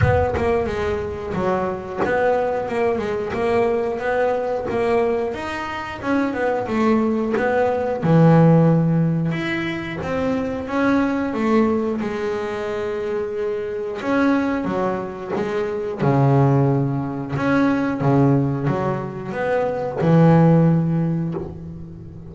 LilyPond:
\new Staff \with { instrumentName = "double bass" } { \time 4/4 \tempo 4 = 90 b8 ais8 gis4 fis4 b4 | ais8 gis8 ais4 b4 ais4 | dis'4 cis'8 b8 a4 b4 | e2 e'4 c'4 |
cis'4 a4 gis2~ | gis4 cis'4 fis4 gis4 | cis2 cis'4 cis4 | fis4 b4 e2 | }